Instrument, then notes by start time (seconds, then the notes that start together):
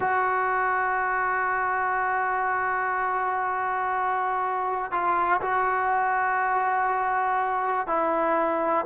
trombone
0.00 F#4
4.91 F4
5.41 F#4
7.87 E4